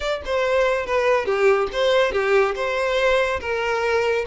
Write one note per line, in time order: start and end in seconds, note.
0.00 0.21 D5
0.25 0.86 C5
0.86 1.25 B4
1.25 1.68 G4
1.72 2.12 C5
2.12 2.54 G4
2.55 3.40 C5
3.40 4.25 A#4